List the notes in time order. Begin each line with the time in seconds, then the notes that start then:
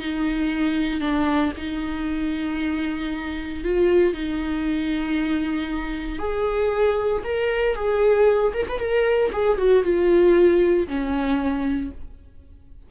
0.00 D#4
1.00 D4
1.57 D#4
3.64 F4
4.14 D#4
6.19 G#4
7.24 A#4
7.75 G#4
8.53 A#4
8.68 B4
8.79 A#4
9.32 G#4
9.58 F#4
9.84 F4
10.87 C#4